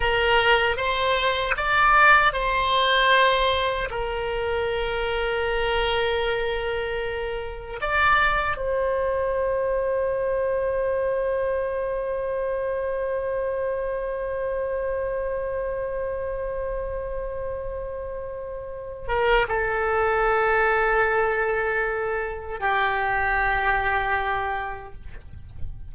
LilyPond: \new Staff \with { instrumentName = "oboe" } { \time 4/4 \tempo 4 = 77 ais'4 c''4 d''4 c''4~ | c''4 ais'2.~ | ais'2 d''4 c''4~ | c''1~ |
c''1~ | c''1~ | c''8 ais'8 a'2.~ | a'4 g'2. | }